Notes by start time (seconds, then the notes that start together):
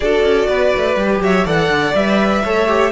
0.00 D4 F#4 A4 D5
0.23 C#4
0.48 B3 B4
0.76 A3
0.96 G3 G4
1.19 F#3 C#5 E5
1.45 E3 A4 D5 F#5
1.69 D3
1.95 G3 B4 E5
2.43 A3 A4 C#5
2.67 G4